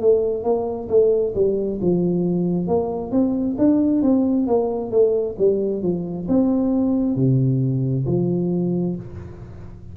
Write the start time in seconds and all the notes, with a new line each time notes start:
0.00 A3
0.43 A#3
0.88 A3
1.35 G3
1.81 F3
2.67 A#3
3.11 C4
3.58 D4
4.02 C4
4.47 A#3
4.91 A3
5.38 G3
5.82 F3
6.28 C4
7.16 C3
8.06 F3